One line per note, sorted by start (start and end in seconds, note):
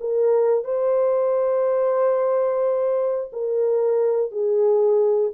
0.00 0.64 A#4
0.64 3.31 C5
3.32 4.31 A#4
4.31 5.31 G#4